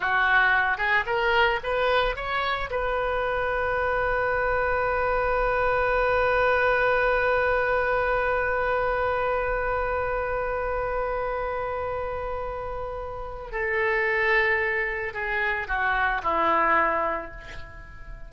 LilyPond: \new Staff \with { instrumentName = "oboe" } { \time 4/4 \tempo 4 = 111 fis'4. gis'8 ais'4 b'4 | cis''4 b'2.~ | b'1~ | b'1~ |
b'1~ | b'1~ | b'4 a'2. | gis'4 fis'4 e'2 | }